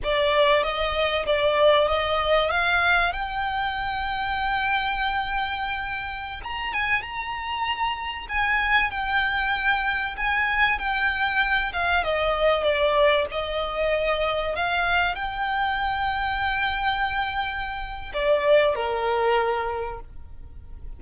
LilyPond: \new Staff \with { instrumentName = "violin" } { \time 4/4 \tempo 4 = 96 d''4 dis''4 d''4 dis''4 | f''4 g''2.~ | g''2~ g''16 ais''8 gis''8 ais''8.~ | ais''4~ ais''16 gis''4 g''4.~ g''16~ |
g''16 gis''4 g''4. f''8 dis''8.~ | dis''16 d''4 dis''2 f''8.~ | f''16 g''2.~ g''8.~ | g''4 d''4 ais'2 | }